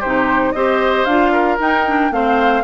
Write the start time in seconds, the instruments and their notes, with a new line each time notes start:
0.00 bassoon C3, clarinet D#4, oboe G4, flute C5
0.53 bassoon C4, clarinet G4, oboe C5, flute D#5
1.05 bassoon D4, clarinet F4, flute F5
1.33 oboe A#4
1.59 clarinet D#4, bassoon D#4, flute G5
1.87 clarinet D4
2.11 bassoon A3, clarinet C4, oboe C5, flute F5